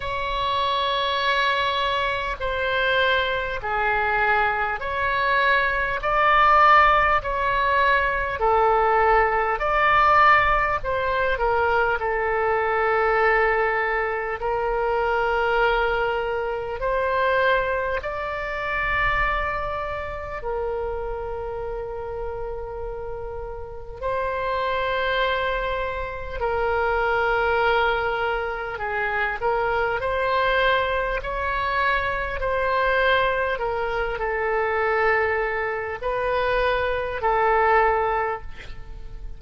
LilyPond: \new Staff \with { instrumentName = "oboe" } { \time 4/4 \tempo 4 = 50 cis''2 c''4 gis'4 | cis''4 d''4 cis''4 a'4 | d''4 c''8 ais'8 a'2 | ais'2 c''4 d''4~ |
d''4 ais'2. | c''2 ais'2 | gis'8 ais'8 c''4 cis''4 c''4 | ais'8 a'4. b'4 a'4 | }